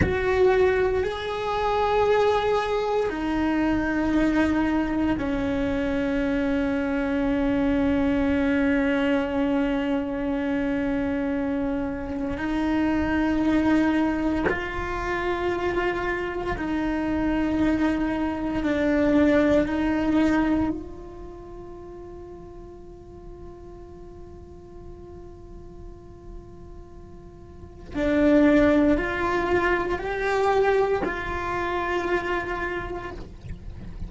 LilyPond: \new Staff \with { instrumentName = "cello" } { \time 4/4 \tempo 4 = 58 fis'4 gis'2 dis'4~ | dis'4 cis'2.~ | cis'1 | dis'2 f'2 |
dis'2 d'4 dis'4 | f'1~ | f'2. d'4 | f'4 g'4 f'2 | }